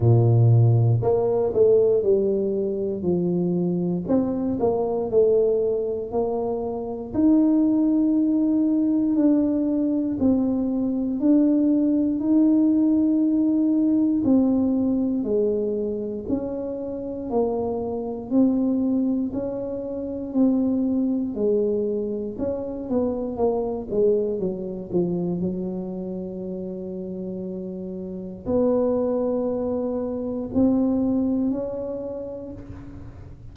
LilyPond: \new Staff \with { instrumentName = "tuba" } { \time 4/4 \tempo 4 = 59 ais,4 ais8 a8 g4 f4 | c'8 ais8 a4 ais4 dis'4~ | dis'4 d'4 c'4 d'4 | dis'2 c'4 gis4 |
cis'4 ais4 c'4 cis'4 | c'4 gis4 cis'8 b8 ais8 gis8 | fis8 f8 fis2. | b2 c'4 cis'4 | }